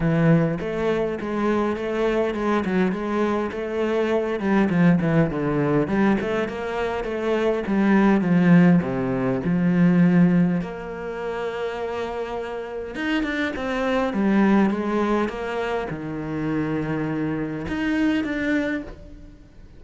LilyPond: \new Staff \with { instrumentName = "cello" } { \time 4/4 \tempo 4 = 102 e4 a4 gis4 a4 | gis8 fis8 gis4 a4. g8 | f8 e8 d4 g8 a8 ais4 | a4 g4 f4 c4 |
f2 ais2~ | ais2 dis'8 d'8 c'4 | g4 gis4 ais4 dis4~ | dis2 dis'4 d'4 | }